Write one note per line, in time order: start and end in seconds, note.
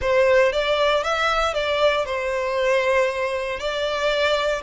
0.01 0.52 C5
0.52 1.03 D5
1.03 1.54 E5
1.54 2.05 D5
2.05 3.59 C5
3.59 4.62 D5